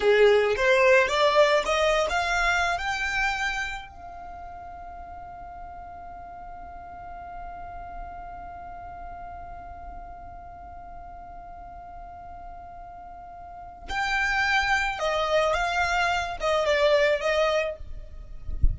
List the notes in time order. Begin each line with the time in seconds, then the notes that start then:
0.00 G#4
0.56 C5
1.08 D5
1.65 D#5
2.09 F5
2.78 G5
3.88 F5
13.88 G5
14.98 D#5
15.53 F5
16.40 D#5
16.65 D5
17.20 D#5